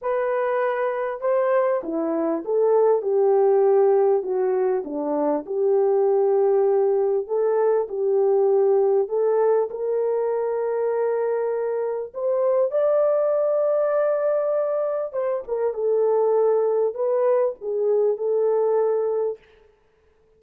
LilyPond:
\new Staff \with { instrumentName = "horn" } { \time 4/4 \tempo 4 = 99 b'2 c''4 e'4 | a'4 g'2 fis'4 | d'4 g'2. | a'4 g'2 a'4 |
ais'1 | c''4 d''2.~ | d''4 c''8 ais'8 a'2 | b'4 gis'4 a'2 | }